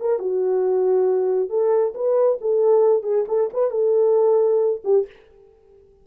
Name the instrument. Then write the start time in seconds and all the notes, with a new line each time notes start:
horn
0.00 A#4
0.19 F#4
1.49 A4
1.94 B4
2.41 A4
3.03 G#4
3.28 A4
3.53 B4
3.70 A4
4.84 G4